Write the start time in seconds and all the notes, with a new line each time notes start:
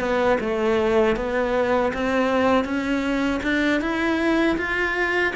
0.00 B3
0.40 A3
1.16 B3
1.93 C4
2.65 C#4
3.43 D4
3.81 E4
4.57 F4